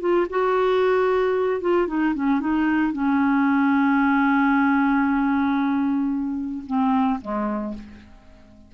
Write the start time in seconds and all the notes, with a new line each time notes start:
0.00 F4
0.30 F#4
1.61 F4
1.87 D#4
2.15 C#4
2.40 D#4
2.93 C#4
6.67 C4
7.21 G#3